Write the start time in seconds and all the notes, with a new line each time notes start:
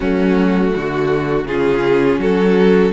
0.00 F#3 A3 C#4 F#4
0.75 D3 F#4
1.44 C#3 C#4 F4 G#4
2.18 F#3 F#4 A4